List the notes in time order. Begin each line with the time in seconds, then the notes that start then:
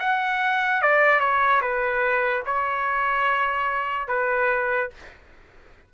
0.00 F#5
0.82 D5
1.20 C#5
1.62 B4
2.46 C#5
4.08 B4